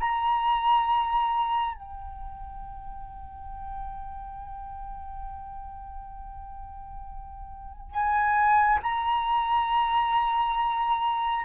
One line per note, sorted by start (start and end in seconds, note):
0.00 1.75 A#5
1.75 7.91 G5
7.91 8.79 G#5
8.83 11.45 A#5